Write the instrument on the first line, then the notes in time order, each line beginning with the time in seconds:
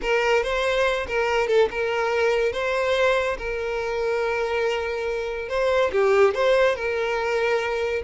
violin
0.01 A#4
0.43 C5
1.07 A#4
1.47 A4
1.70 A#4
2.52 C5
3.37 A#4
5.49 C5
5.92 G4
6.34 C5
6.75 A#4